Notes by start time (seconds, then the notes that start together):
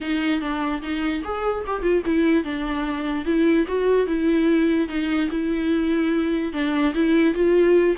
0.00 D#4
0.40 D4
0.82 D#4
1.24 G#4
1.66 G4
1.82 F4
2.05 E4
2.44 D4
3.25 E4
3.67 F#4
4.06 E4
4.88 D#4
5.30 E4
6.52 D4
6.94 E4
7.34 F4